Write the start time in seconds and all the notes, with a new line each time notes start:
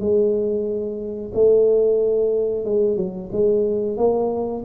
0.00 G#3
1.34 A3
2.65 G#3
2.97 F#3
3.32 G#3
3.97 A#3